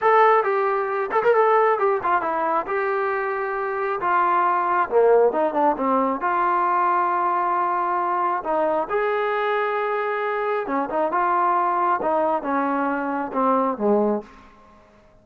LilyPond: \new Staff \with { instrumentName = "trombone" } { \time 4/4 \tempo 4 = 135 a'4 g'4. a'16 ais'16 a'4 | g'8 f'8 e'4 g'2~ | g'4 f'2 ais4 | dis'8 d'8 c'4 f'2~ |
f'2. dis'4 | gis'1 | cis'8 dis'8 f'2 dis'4 | cis'2 c'4 gis4 | }